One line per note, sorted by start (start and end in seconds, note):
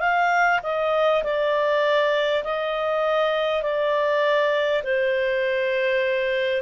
0.00 0.60 F5
0.64 1.24 D#5
1.24 2.44 D5
2.44 3.63 D#5
3.63 4.83 D5
4.84 6.63 C5